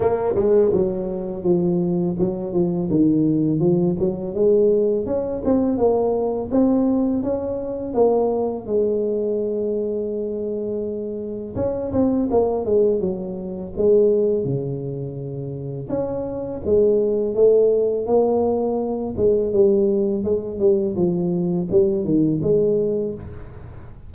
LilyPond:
\new Staff \with { instrumentName = "tuba" } { \time 4/4 \tempo 4 = 83 ais8 gis8 fis4 f4 fis8 f8 | dis4 f8 fis8 gis4 cis'8 c'8 | ais4 c'4 cis'4 ais4 | gis1 |
cis'8 c'8 ais8 gis8 fis4 gis4 | cis2 cis'4 gis4 | a4 ais4. gis8 g4 | gis8 g8 f4 g8 dis8 gis4 | }